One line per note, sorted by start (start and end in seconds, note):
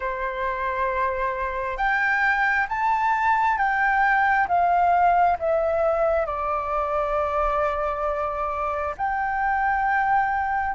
0.00 1.77 C5
1.77 2.66 G5
2.68 3.57 A5
3.57 4.47 G5
4.48 5.37 F5
5.39 6.26 E5
6.26 8.94 D5
8.97 10.75 G5